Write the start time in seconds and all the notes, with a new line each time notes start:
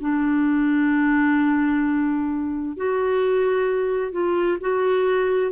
0.00 D4
2.76 F#4
4.11 F4
4.60 F#4